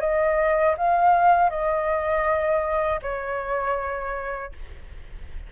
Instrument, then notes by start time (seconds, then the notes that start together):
flute
0.00 D#5
0.77 F5
1.49 D#5
3.02 C#5